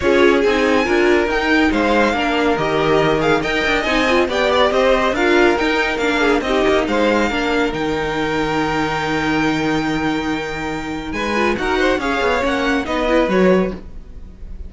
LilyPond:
<<
  \new Staff \with { instrumentName = "violin" } { \time 4/4 \tempo 4 = 140 cis''4 gis''2 g''4 | f''2 dis''4. f''8 | g''4 gis''4 g''8 d''8 dis''4 | f''4 g''4 f''4 dis''4 |
f''2 g''2~ | g''1~ | g''2 gis''4 fis''4 | f''4 fis''4 dis''4 cis''4 | }
  \new Staff \with { instrumentName = "violin" } { \time 4/4 gis'2 ais'2 | c''4 ais'2. | dis''2 d''4 c''4 | ais'2~ ais'8 gis'8 g'4 |
c''4 ais'2.~ | ais'1~ | ais'2 b'4 ais'8 c''8 | cis''2 b'2 | }
  \new Staff \with { instrumentName = "viola" } { \time 4/4 f'4 dis'4 f'4 dis'4~ | dis'4 d'4 g'4. gis'8 | ais'4 dis'8 f'8 g'2 | f'4 dis'4 d'4 dis'4~ |
dis'4 d'4 dis'2~ | dis'1~ | dis'2~ dis'8 f'8 fis'4 | gis'4 cis'4 dis'8 e'8 fis'4 | }
  \new Staff \with { instrumentName = "cello" } { \time 4/4 cis'4 c'4 d'4 dis'4 | gis4 ais4 dis2 | dis'8 d'8 c'4 b4 c'4 | d'4 dis'4 ais4 c'8 ais8 |
gis4 ais4 dis2~ | dis1~ | dis2 gis4 dis'4 | cis'8 b8 ais4 b4 fis4 | }
>>